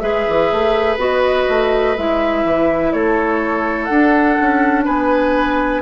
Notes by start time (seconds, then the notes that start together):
0.00 G#3 G#4 B4 E5
0.28 E3
0.52 A3
0.97 B3 F#4 D#5
1.49 A3
1.97 G#3 E4 E5
2.44 E3
2.92 A3 A4 C#5
3.85 D4 F#5
4.41 C#4
4.85 B3 B4 G#5